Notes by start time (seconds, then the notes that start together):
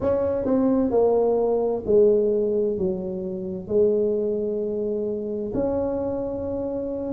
0.00 C#4
0.45 C4
0.91 A#3
1.85 G#3
2.77 F#3
3.67 G#3
5.53 C#4